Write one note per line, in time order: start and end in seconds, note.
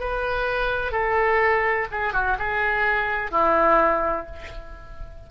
0.00 0.92 B4
0.92 1.87 A4
1.92 2.13 G#4
2.13 2.37 F#4
2.39 3.31 G#4
3.31 4.26 E4